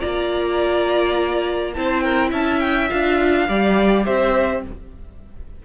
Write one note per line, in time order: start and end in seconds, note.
0.00 1.77 A#3
0.00 1.73 F4
0.00 1.73 D5
0.00 1.74 A#5
1.74 2.32 C4
1.74 2.89 E4
1.74 2.04 C5
1.74 2.00 A5
2.00 2.30 A#4
2.00 2.29 G5
2.30 2.90 C#4
2.30 3.45 E5
2.30 2.59 A5
2.59 2.88 G5
2.89 3.49 D4
2.89 3.47 F4
2.89 4.05 F5
3.48 4.06 G3
3.48 4.63 G4
3.48 4.05 D5
4.05 4.65 C4
4.05 4.63 C5
4.05 4.63 E5